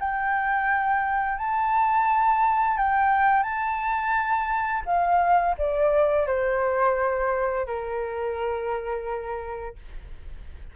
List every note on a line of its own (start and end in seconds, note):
0.00 1.38 G5
1.38 2.78 A5
2.78 3.43 G5
3.43 4.83 A5
4.86 5.56 F5
5.58 6.27 D5
6.27 7.66 C5
7.66 9.76 A#4